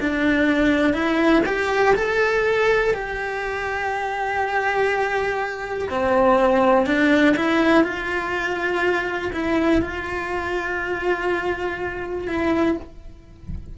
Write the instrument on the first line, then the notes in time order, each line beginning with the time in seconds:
cello
0.00 D4
0.93 E4
1.46 G4
1.95 A4
2.94 G4
5.90 C4
6.86 D4
7.36 E4
7.84 F4
9.33 E4
9.82 F4
12.28 E4